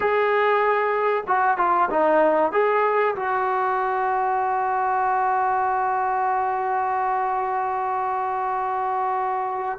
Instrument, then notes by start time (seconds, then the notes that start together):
trombone
0.00 G#4
1.27 F#4
1.57 F4
1.89 D#4
2.52 G#4
3.15 F#4